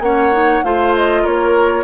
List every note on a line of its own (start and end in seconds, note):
0.00 0.61 A#3
0.00 0.32 C#4
0.00 0.64 C#5
0.00 0.63 F#5
0.32 0.63 D#4
0.63 1.25 A3
0.63 1.83 F4
0.63 1.22 C5
0.63 0.94 F5
0.95 1.25 D#5
1.22 1.83 A#3
1.22 1.83 A#4
1.22 1.83 C#5